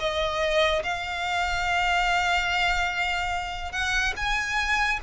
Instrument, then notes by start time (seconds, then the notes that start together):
violin
0.00 D#5
0.84 F5
3.72 F#5
4.17 G#5